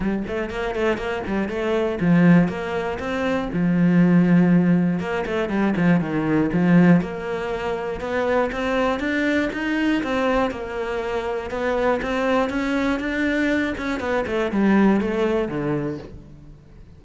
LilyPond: \new Staff \with { instrumentName = "cello" } { \time 4/4 \tempo 4 = 120 g8 a8 ais8 a8 ais8 g8 a4 | f4 ais4 c'4 f4~ | f2 ais8 a8 g8 f8 | dis4 f4 ais2 |
b4 c'4 d'4 dis'4 | c'4 ais2 b4 | c'4 cis'4 d'4. cis'8 | b8 a8 g4 a4 d4 | }